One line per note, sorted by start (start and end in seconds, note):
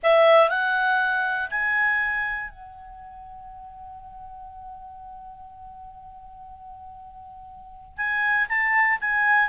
0.02 0.49 E5
0.49 1.49 F#5
1.50 2.50 G#5
2.50 7.97 F#5
7.97 8.47 G#5
8.49 8.99 A5
9.00 9.49 G#5